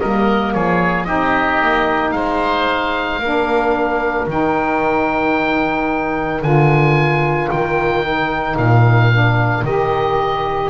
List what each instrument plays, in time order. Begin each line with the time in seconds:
0.00 double bass G3, saxophone A#3, oboe A#4 D#5
0.53 double bass F3, oboe G#4 C#5
1.04 double bass C4, saxophone D#4, oboe G4 D#5
1.62 double bass A#3
2.11 double bass G#3, oboe C5 F5
3.20 double bass A#3, saxophone D4, oboe A#4
4.27 double bass D#3, saxophone D#4, oboe G5
6.42 double bass D3, saxophone F4, oboe G#5
7.51 double bass D#3, oboe G5
8.03 saxophone D#4
8.57 double bass A#2, oboe F5
9.12 saxophone D4
9.63 double bass D#3, saxophone G4, oboe D#5